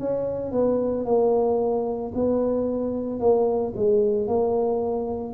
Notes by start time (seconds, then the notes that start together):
0.00 C#4
0.52 B3
1.06 A#3
2.15 B3
3.20 A#3
3.76 G#3
4.28 A#3